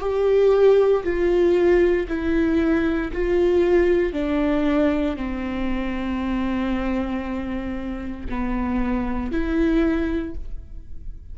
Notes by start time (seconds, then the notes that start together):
0.00 G4
1.04 F4
2.08 E4
3.13 F4
4.13 D4
5.17 C4
8.29 B3
9.32 E4